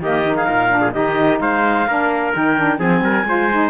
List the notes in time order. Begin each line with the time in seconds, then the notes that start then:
0.00 D#3 A#3 G4 D#5
0.27 D#4
0.36 G#4 F5
0.46 A#2 A#4
0.70 D4
0.81 G#4
0.92 D#3 D#4 G4 D#5
1.41 G#3 C5 F5
1.87 A#3 D4 A#4
2.35 D#3 D#4 G5
2.57 D4
2.79 F3 C4 G#4 G#5
3.01 G3 A#4
3.25 G#3 F4 C5
3.52 D#4